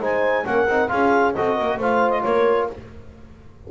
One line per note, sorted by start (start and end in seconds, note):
0.00 0.44 G#3
0.00 0.45 D#4
0.00 0.46 C5
0.00 0.46 G#5
0.45 0.67 A#3
0.45 0.67 C#4
0.45 0.91 A#4
0.45 0.89 F#5
0.67 0.89 C4
0.67 0.89 D#4
0.89 1.36 C#4
0.89 1.33 F4
0.89 1.35 G#4
0.89 1.33 F5
1.34 1.60 C4
1.34 1.82 F#4
1.34 1.56 A4
1.34 1.78 D#5
1.56 1.78 A#3
1.56 1.78 A#4
1.78 2.22 A3
1.78 2.71 F4
1.78 2.23 C5
1.78 2.10 F5
2.10 2.21 D#5
2.23 2.70 A#3
2.23 2.70 A#4
2.23 2.67 C#5